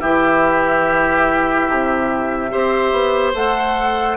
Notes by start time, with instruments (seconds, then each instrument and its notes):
0.00 bassoon E3, clarinet E4, oboe G4, flute E5
1.70 bassoon C3
2.50 bassoon C4, clarinet G4, oboe C5
2.92 bassoon B3
3.34 bassoon A3, clarinet A4, flute F#5